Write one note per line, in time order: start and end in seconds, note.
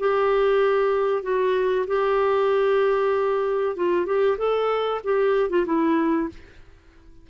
0.00 1.23 G4
1.23 1.86 F#4
1.87 3.77 G4
3.77 4.07 F4
4.07 4.38 G4
4.38 5.02 A4
5.04 5.50 G4
5.50 5.66 F4
5.66 6.30 E4